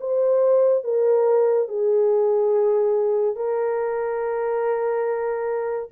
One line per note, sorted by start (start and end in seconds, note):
0.00 0.84 C5
0.84 1.68 A#4
1.68 3.36 G#4
3.36 5.90 A#4